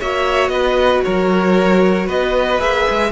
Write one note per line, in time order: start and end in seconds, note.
0.00 0.49 A#3
0.00 2.59 F#4
0.00 0.52 C#5
0.00 0.49 E5
0.49 1.01 B3
0.49 1.05 B4
0.49 1.01 D#5
1.04 2.08 F#3
1.04 2.07 A#4
1.04 2.09 C#5
2.07 2.61 B3
2.07 3.11 B4
2.07 2.61 D#5
2.59 2.87 A#3
2.59 3.11 G#4
2.59 3.12 E5
2.90 3.12 G#3